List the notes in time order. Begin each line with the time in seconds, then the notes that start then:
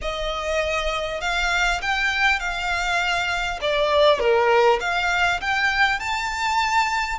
0.01 D#5
1.20 F5
1.81 G5
2.39 F5
3.61 D5
4.19 A#4
4.80 F5
5.40 G5
5.99 A5